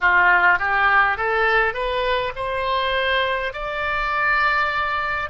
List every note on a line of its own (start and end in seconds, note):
0.00 0.59 F4
0.59 1.17 G4
1.17 1.73 A4
1.73 2.32 B4
2.35 3.53 C5
3.53 5.29 D5